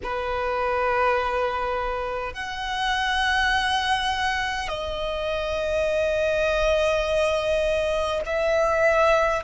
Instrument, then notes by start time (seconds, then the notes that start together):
violin
0.03 B4
2.33 F#5
4.68 D#5
8.25 E5